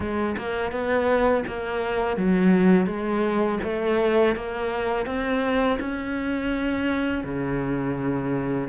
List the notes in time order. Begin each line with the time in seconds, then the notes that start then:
0.00 G#3
0.37 A#3
0.71 B3
1.47 A#3
2.17 F#3
2.86 G#3
3.63 A3
4.35 A#3
5.06 C4
5.79 C#4
7.24 C#3